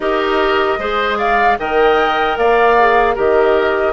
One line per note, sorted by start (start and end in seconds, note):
0.00 0.76 D#4
0.00 0.79 G4
0.00 0.79 A#4
0.00 1.15 D#5
0.78 1.57 G#3
0.78 1.58 G#4
0.78 1.18 C5
1.18 1.57 D5
1.18 1.57 F5
1.58 2.37 D#3
1.58 2.77 A#4
1.58 2.38 D#5
1.58 2.37 G5
2.37 3.16 A#3
2.37 3.14 D5
2.37 3.16 F5
2.78 3.15 G#4
3.14 3.92 D#3
3.14 3.92 G4
3.14 3.92 A#4
3.14 3.92 D#5